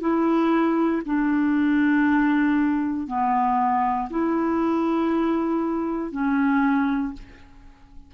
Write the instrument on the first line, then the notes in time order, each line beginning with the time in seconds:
clarinet
0.00 E4
1.05 D4
3.07 B3
4.10 E4
6.11 C#4